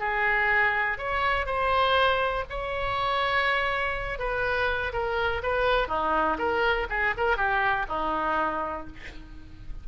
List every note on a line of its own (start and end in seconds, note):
0.00 0.98 G#4
0.98 1.46 C#5
1.46 2.45 C5
2.50 4.19 C#5
4.19 4.93 B4
4.93 5.43 A#4
5.43 5.88 B4
5.88 6.38 D#4
6.39 6.88 A#4
6.90 7.15 G#4
7.17 7.37 A#4
7.37 7.87 G4
7.89 8.87 D#4